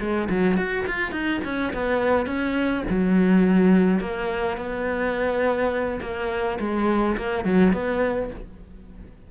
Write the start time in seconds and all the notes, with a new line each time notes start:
0.00 G#3
0.30 F#3
0.57 F#4
0.87 F4
1.12 D#4
1.44 C#4
1.74 B3
2.26 C#4
2.90 F#3
4.00 A#3
4.57 B3
6.01 A#3
6.59 G#3
7.17 A#3
7.44 F#3
7.73 B3